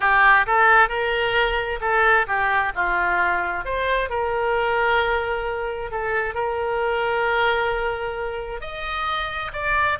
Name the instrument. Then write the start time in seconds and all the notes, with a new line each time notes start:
oboe
0.00 G4
0.46 A4
0.88 A#4
1.80 A4
2.27 G4
2.75 F4
3.65 C5
4.09 A#4
5.91 A4
6.34 A#4
8.60 D#5
9.52 D5